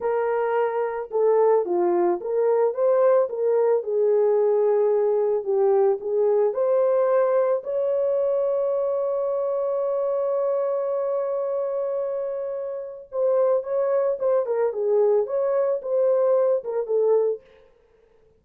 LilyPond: \new Staff \with { instrumentName = "horn" } { \time 4/4 \tempo 4 = 110 ais'2 a'4 f'4 | ais'4 c''4 ais'4 gis'4~ | gis'2 g'4 gis'4 | c''2 cis''2~ |
cis''1~ | cis''1 | c''4 cis''4 c''8 ais'8 gis'4 | cis''4 c''4. ais'8 a'4 | }